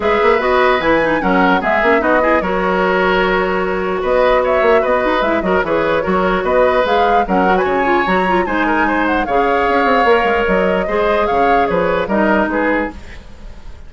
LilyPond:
<<
  \new Staff \with { instrumentName = "flute" } { \time 4/4 \tempo 4 = 149 e''4 dis''4 gis''4 fis''4 | e''4 dis''4 cis''2~ | cis''2 dis''4 e''4 | dis''4 e''8 dis''8 cis''2 |
dis''4 f''4 fis''8. gis''4~ gis''16 | ais''4 gis''4. fis''8 f''4~ | f''2 dis''2 | f''4 cis''4 dis''4 b'4 | }
  \new Staff \with { instrumentName = "oboe" } { \time 4/4 b'2. ais'4 | gis'4 fis'8 gis'8 ais'2~ | ais'2 b'4 cis''4 | b'4. ais'8 b'4 ais'4 |
b'2 ais'8. b'16 cis''4~ | cis''4 c''8 ais'8 c''4 cis''4~ | cis''2. c''4 | cis''4 b'4 ais'4 gis'4 | }
  \new Staff \with { instrumentName = "clarinet" } { \time 4/4 gis'4 fis'4 e'8 dis'8 cis'4 | b8 cis'8 dis'8 e'8 fis'2~ | fis'1~ | fis'4 e'8 fis'8 gis'4 fis'4~ |
fis'4 gis'4 cis'8 fis'4 f'8 | fis'8 f'8 dis'2 gis'4~ | gis'4 ais'2 gis'4~ | gis'2 dis'2 | }
  \new Staff \with { instrumentName = "bassoon" } { \time 4/4 gis8 ais8 b4 e4 fis4 | gis8 ais8 b4 fis2~ | fis2 b4. ais8 | b8 dis'8 gis8 fis8 e4 fis4 |
b4 gis4 fis4 cis4 | fis4 gis2 cis4 | cis'8 c'8 ais8 gis8 fis4 gis4 | cis4 f4 g4 gis4 | }
>>